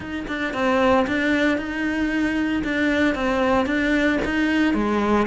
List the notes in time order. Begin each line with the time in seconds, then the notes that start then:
0.00 D#4
0.27 D4
0.53 C4
1.07 D4
1.57 D#4
2.64 D4
3.14 C4
3.66 D4
4.24 D#4
4.74 G#3